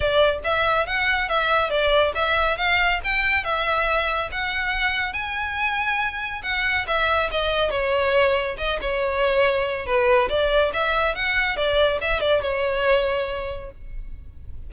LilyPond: \new Staff \with { instrumentName = "violin" } { \time 4/4 \tempo 4 = 140 d''4 e''4 fis''4 e''4 | d''4 e''4 f''4 g''4 | e''2 fis''2 | gis''2. fis''4 |
e''4 dis''4 cis''2 | dis''8 cis''2~ cis''8 b'4 | d''4 e''4 fis''4 d''4 | e''8 d''8 cis''2. | }